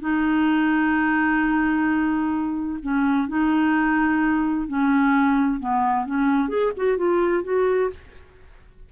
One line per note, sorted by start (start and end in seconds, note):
0.00 2.79 D#4
2.82 3.28 C#4
3.28 4.68 D#4
4.68 5.60 C#4
5.60 6.06 B3
6.06 6.49 C#4
6.49 6.72 G#4
6.77 6.97 F#4
6.97 7.44 F4
7.44 7.90 F#4